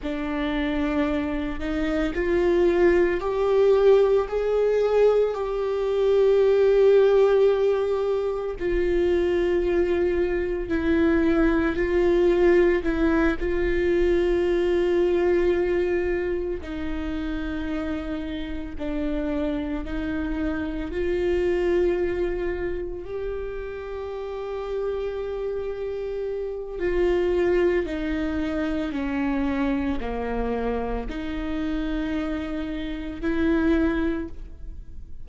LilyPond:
\new Staff \with { instrumentName = "viola" } { \time 4/4 \tempo 4 = 56 d'4. dis'8 f'4 g'4 | gis'4 g'2. | f'2 e'4 f'4 | e'8 f'2. dis'8~ |
dis'4. d'4 dis'4 f'8~ | f'4. g'2~ g'8~ | g'4 f'4 dis'4 cis'4 | ais4 dis'2 e'4 | }